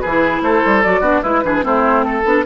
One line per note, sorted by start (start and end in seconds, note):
0.00 0.41 E3
0.00 0.42 G#4
0.00 0.41 B4
0.07 0.84 E4
0.41 0.62 A3
0.41 1.01 A4
0.41 0.82 C5
0.66 0.85 G3
0.82 1.01 F#3
0.82 1.02 F#4
0.82 1.23 D5
1.01 1.21 B3
1.01 1.23 D4
1.01 1.21 F#4
1.23 1.43 G#3
1.23 1.43 E4
1.23 1.45 E4
1.23 1.64 B4
1.43 1.64 E3
1.43 1.63 D4
1.43 1.65 G#4
1.63 2.25 A3
1.63 2.23 C4
1.63 2.05 E4
1.63 2.03 C5
2.03 2.44 A4
2.03 2.46 A4
2.24 2.45 B3
2.24 2.45 D4